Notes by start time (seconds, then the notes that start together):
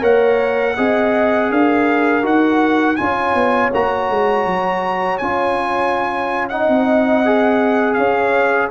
0.00 A#3 A#4 C#5 F#5
0.76 C4 G#4 D#5
1.51 D4 A#4 F5
2.23 D#4 F#4 F#5
2.96 C#4 F4 C#5 G#5
3.34 B3
3.74 A#3 F#4 A#5
4.10 G#3
4.46 F#3
5.18 C#4 F4 G#5
6.49 D#4 D#5 F#5
6.68 C4
7.25 G#4
7.94 C#4 C#5 F5